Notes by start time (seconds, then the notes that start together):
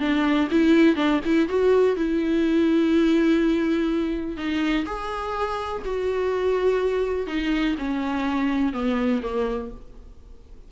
0.00 D4
0.51 E4
0.96 D4
1.25 E4
1.49 F#4
1.97 E4
4.37 D#4
4.86 G#4
5.85 F#4
7.27 D#4
7.79 C#4
8.73 B3
9.23 A#3